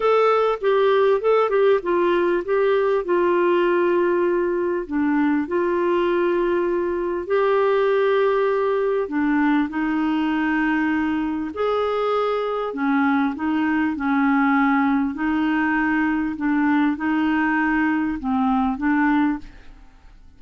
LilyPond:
\new Staff \with { instrumentName = "clarinet" } { \time 4/4 \tempo 4 = 99 a'4 g'4 a'8 g'8 f'4 | g'4 f'2. | d'4 f'2. | g'2. d'4 |
dis'2. gis'4~ | gis'4 cis'4 dis'4 cis'4~ | cis'4 dis'2 d'4 | dis'2 c'4 d'4 | }